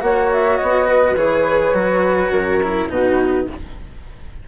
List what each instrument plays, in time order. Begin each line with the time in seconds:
0.00 bassoon A#3, cello F#4, flute C#5 F#5
0.32 flute E5
0.57 bassoon B3, flute D#5
0.88 flute B4
1.15 bassoon E3, cello G#4, flute C#5
1.73 bassoon F#3, cello F#4
2.30 bassoon F#2, flute A#4
2.63 cello E4
2.89 bassoon B2, cello D#4, flute F#4 B4